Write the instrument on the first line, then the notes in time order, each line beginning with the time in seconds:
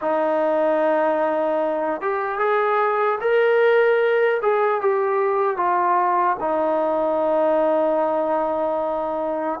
trombone
0.01 D#4
2.01 G4
2.39 G#4
3.20 A#4
4.42 G#4
4.81 G4
5.56 F4
6.40 D#4